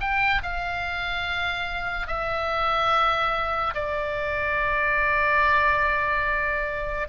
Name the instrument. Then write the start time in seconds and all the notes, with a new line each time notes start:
oboe
0.00 G5
0.43 F5
2.07 E5
3.74 D5